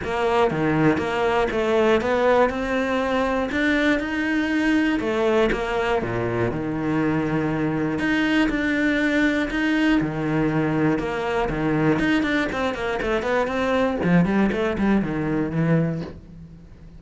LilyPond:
\new Staff \with { instrumentName = "cello" } { \time 4/4 \tempo 4 = 120 ais4 dis4 ais4 a4 | b4 c'2 d'4 | dis'2 a4 ais4 | ais,4 dis2. |
dis'4 d'2 dis'4 | dis2 ais4 dis4 | dis'8 d'8 c'8 ais8 a8 b8 c'4 | f8 g8 a8 g8 dis4 e4 | }